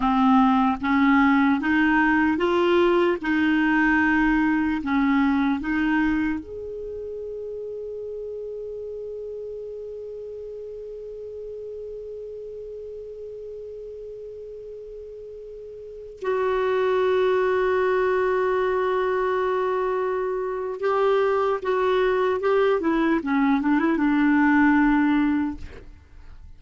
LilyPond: \new Staff \with { instrumentName = "clarinet" } { \time 4/4 \tempo 4 = 75 c'4 cis'4 dis'4 f'4 | dis'2 cis'4 dis'4 | gis'1~ | gis'1~ |
gis'1~ | gis'16 fis'2.~ fis'8.~ | fis'2 g'4 fis'4 | g'8 e'8 cis'8 d'16 e'16 d'2 | }